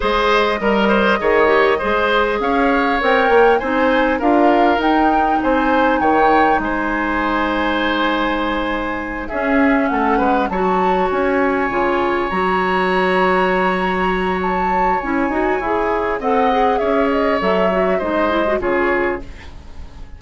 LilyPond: <<
  \new Staff \with { instrumentName = "flute" } { \time 4/4 \tempo 4 = 100 dis''1 | f''4 g''4 gis''4 f''4 | g''4 gis''4 g''4 gis''4~ | gis''2.~ gis''8 e''8~ |
e''8 fis''4 a''4 gis''4.~ | gis''8 ais''2.~ ais''8 | a''4 gis''2 fis''4 | e''8 dis''8 e''4 dis''4 cis''4 | }
  \new Staff \with { instrumentName = "oboe" } { \time 4/4 c''4 ais'8 c''8 cis''4 c''4 | cis''2 c''4 ais'4~ | ais'4 c''4 cis''4 c''4~ | c''2.~ c''8 gis'8~ |
gis'8 a'8 b'8 cis''2~ cis''8~ | cis''1~ | cis''2. dis''4 | cis''2 c''4 gis'4 | }
  \new Staff \with { instrumentName = "clarinet" } { \time 4/4 gis'4 ais'4 gis'8 g'8 gis'4~ | gis'4 ais'4 dis'4 f'4 | dis'1~ | dis'2.~ dis'8 cis'8~ |
cis'4. fis'2 f'8~ | f'8 fis'2.~ fis'8~ | fis'4 e'8 fis'8 gis'4 a'8 gis'8~ | gis'4 a'8 fis'8 dis'8 e'16 fis'16 f'4 | }
  \new Staff \with { instrumentName = "bassoon" } { \time 4/4 gis4 g4 dis4 gis4 | cis'4 c'8 ais8 c'4 d'4 | dis'4 c'4 dis4 gis4~ | gis2.~ gis8 cis'8~ |
cis'8 a8 gis8 fis4 cis'4 cis8~ | cis8 fis2.~ fis8~ | fis4 cis'8 dis'8 e'4 c'4 | cis'4 fis4 gis4 cis4 | }
>>